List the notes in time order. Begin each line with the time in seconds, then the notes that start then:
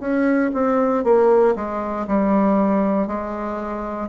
0.00 C#4
0.53 C4
1.04 A#3
1.55 G#3
2.07 G3
3.07 G#3